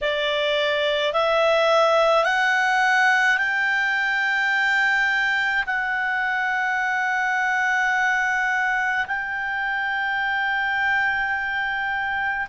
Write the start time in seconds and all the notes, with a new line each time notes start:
0.01 D5
1.13 E5
2.24 F#5
3.37 G5
5.66 F#5
9.07 G5